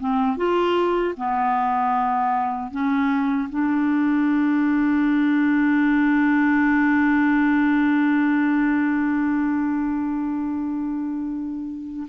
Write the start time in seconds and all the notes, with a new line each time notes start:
0.00 C4
0.37 F4
1.17 B3
2.71 C#4
3.49 D4